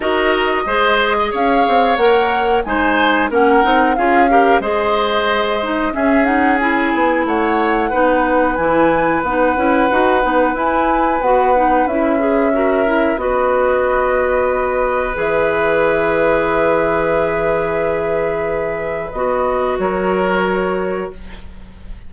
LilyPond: <<
  \new Staff \with { instrumentName = "flute" } { \time 4/4 \tempo 4 = 91 dis''2 f''4 fis''4 | gis''4 fis''4 f''4 dis''4~ | dis''4 e''8 fis''8 gis''4 fis''4~ | fis''4 gis''4 fis''2 |
gis''4 fis''4 e''2 | dis''2. e''4~ | e''1~ | e''4 dis''4 cis''2 | }
  \new Staff \with { instrumentName = "oboe" } { \time 4/4 ais'4 c''8. dis''16 cis''2 | c''4 ais'4 gis'8 ais'8 c''4~ | c''4 gis'2 cis''4 | b'1~ |
b'2. ais'4 | b'1~ | b'1~ | b'2 ais'2 | }
  \new Staff \with { instrumentName = "clarinet" } { \time 4/4 fis'4 gis'2 ais'4 | dis'4 cis'8 dis'8 f'8 g'8 gis'4~ | gis'8 dis'8 cis'8 dis'8 e'2 | dis'4 e'4 dis'8 e'8 fis'8 dis'8 |
e'4 fis'8 dis'8 e'8 gis'8 fis'8 e'8 | fis'2. gis'4~ | gis'1~ | gis'4 fis'2. | }
  \new Staff \with { instrumentName = "bassoon" } { \time 4/4 dis'4 gis4 cis'8 c'8 ais4 | gis4 ais8 c'8 cis'4 gis4~ | gis4 cis'4. b8 a4 | b4 e4 b8 cis'8 dis'8 b8 |
e'4 b4 cis'2 | b2. e4~ | e1~ | e4 b4 fis2 | }
>>